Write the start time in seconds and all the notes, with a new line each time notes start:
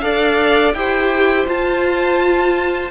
0.00 D4 A4 D5 F5
0.73 E4 G4 C5 G5
1.47 F4 A5